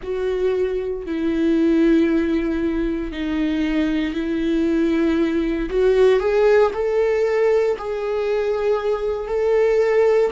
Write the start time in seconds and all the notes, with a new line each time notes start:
0.02 F#4
1.06 E4
3.11 D#4
4.14 E4
5.69 F#4
6.19 G#4
6.73 A4
7.78 G#4
9.27 A4